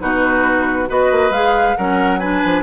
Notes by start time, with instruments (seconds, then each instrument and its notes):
0.00 bassoon B2, clarinet D#4, oboe F#4, flute B4
0.87 bassoon B3, clarinet F#4, oboe B4, flute D#5
1.12 bassoon A#3
1.30 bassoon G#3, clarinet G#4, flute F5
1.77 bassoon F#3, clarinet C#4, oboe A#4, flute F#5
2.19 clarinet D4, oboe B4, flute G#5
2.45 bassoon F3